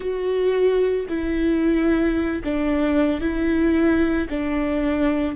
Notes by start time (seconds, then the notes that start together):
0.00 F#4
1.09 E4
2.44 D4
3.20 E4
4.29 D4